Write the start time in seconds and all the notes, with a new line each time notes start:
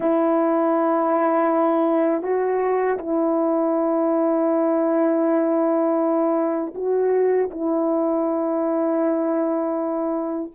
0.00 E4
2.23 F#4
2.98 E4
6.74 F#4
7.50 E4